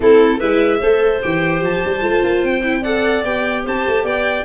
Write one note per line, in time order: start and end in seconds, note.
0.00 0.40 A3
0.00 0.40 C4
0.00 0.38 E4
0.00 0.40 A4
0.38 0.82 G#3
0.38 0.81 E4
0.38 0.79 B4
0.38 1.21 E5
0.79 1.23 A3
0.79 1.22 A4
0.79 2.81 C5
1.22 1.61 E3
1.22 2.00 G4
1.22 1.63 G5
1.61 1.82 F3
1.61 2.44 A5
1.85 2.02 G3
2.00 2.22 A3
2.00 2.60 F4
2.23 2.43 A#3
2.43 3.24 C4
2.43 2.83 G5
2.63 2.83 E4
2.81 3.24 A4
2.81 3.62 D5
2.81 3.23 F#5
3.24 3.64 B3
3.24 4.44 G4
3.24 3.65 G5
3.63 3.86 C4
3.63 4.04 C5
3.63 4.05 A5
3.87 4.03 A3
4.03 4.44 B3
4.03 4.44 D5
4.03 4.44 G5